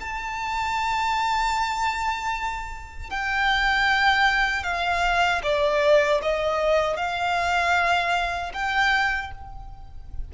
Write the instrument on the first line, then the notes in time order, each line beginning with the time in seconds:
violin
0.00 A5
3.10 G5
4.63 F5
5.43 D5
6.22 D#5
6.96 F5
8.53 G5